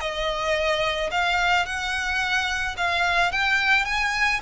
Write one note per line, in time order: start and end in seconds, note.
0.00 1.10 D#5
1.11 1.66 F5
1.66 2.76 F#5
2.77 3.32 F5
3.32 3.85 G5
3.85 4.40 G#5